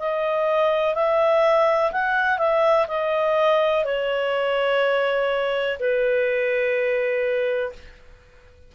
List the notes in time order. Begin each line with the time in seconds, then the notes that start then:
0.00 D#5
0.95 E5
1.92 F#5
2.38 E5
2.88 D#5
3.85 C#5
5.79 B4